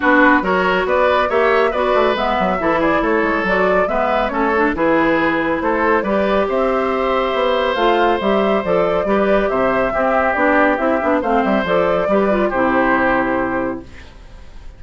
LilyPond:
<<
  \new Staff \with { instrumentName = "flute" } { \time 4/4 \tempo 4 = 139 b'4 cis''4 d''4 e''4 | d''4 e''4. d''8 cis''4 | d''4 e''4 cis''4 b'4~ | b'4 c''4 d''4 e''4~ |
e''2 f''4 e''4 | d''2 e''2 | d''4 e''4 f''8 e''8 d''4~ | d''4 c''2. | }
  \new Staff \with { instrumentName = "oboe" } { \time 4/4 fis'4 ais'4 b'4 cis''4 | b'2 a'8 gis'8 a'4~ | a'4 b'4 a'4 gis'4~ | gis'4 a'4 b'4 c''4~ |
c''1~ | c''4 b'4 c''4 g'4~ | g'2 c''2 | b'4 g'2. | }
  \new Staff \with { instrumentName = "clarinet" } { \time 4/4 d'4 fis'2 g'4 | fis'4 b4 e'2 | fis'4 b4 cis'8 d'8 e'4~ | e'2 g'2~ |
g'2 f'4 g'4 | a'4 g'2 c'4 | d'4 e'8 d'8 c'4 a'4 | g'8 f'8 e'2. | }
  \new Staff \with { instrumentName = "bassoon" } { \time 4/4 b4 fis4 b4 ais4 | b8 a8 gis8 fis8 e4 a8 gis8 | fis4 gis4 a4 e4~ | e4 a4 g4 c'4~ |
c'4 b4 a4 g4 | f4 g4 c4 c'4 | b4 c'8 b8 a8 g8 f4 | g4 c2. | }
>>